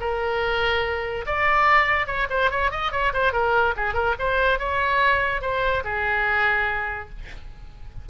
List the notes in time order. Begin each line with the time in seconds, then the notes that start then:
0.00 A#4
1.26 D5
2.06 C#5
2.29 C5
2.50 C#5
2.71 D#5
2.91 C#5
3.13 C5
3.32 A#4
3.76 G#4
3.94 A#4
4.18 C5
4.59 C#5
5.41 C5
5.84 G#4